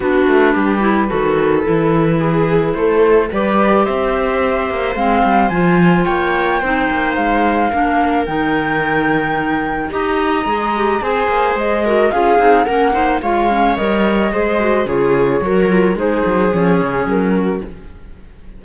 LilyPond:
<<
  \new Staff \with { instrumentName = "flute" } { \time 4/4 \tempo 4 = 109 b'1~ | b'4 c''4 d''4 e''4~ | e''4 f''4 gis''4 g''4~ | g''4 f''2 g''4~ |
g''2 ais''2 | gis''4 dis''4 f''4 fis''4 | f''4 dis''2 cis''4~ | cis''4 c''4 cis''4 ais'4 | }
  \new Staff \with { instrumentName = "viola" } { \time 4/4 fis'4 g'4 a'2 | gis'4 a'4 b'4 c''4~ | c''2. cis''4 | c''2 ais'2~ |
ais'2 dis''2 | c''4. ais'8 gis'4 ais'8 c''8 | cis''2 c''4 gis'4 | ais'4 gis'2~ gis'8 fis'8 | }
  \new Staff \with { instrumentName = "clarinet" } { \time 4/4 d'4. e'8 fis'4 e'4~ | e'2 g'2~ | g'4 c'4 f'2 | dis'2 d'4 dis'4~ |
dis'2 g'4 gis'8 g'8 | gis'4. fis'8 f'8 dis'8 cis'8 dis'8 | f'8 cis'8 ais'4 gis'8 fis'8 f'4 | fis'8 f'8 dis'4 cis'2 | }
  \new Staff \with { instrumentName = "cello" } { \time 4/4 b8 a8 g4 dis4 e4~ | e4 a4 g4 c'4~ | c'8 ais8 gis8 g8 f4 ais4 | c'8 ais8 gis4 ais4 dis4~ |
dis2 dis'4 gis4 | c'8 ais8 gis4 cis'8 c'8 ais4 | gis4 g4 gis4 cis4 | fis4 gis8 fis8 f8 cis8 fis4 | }
>>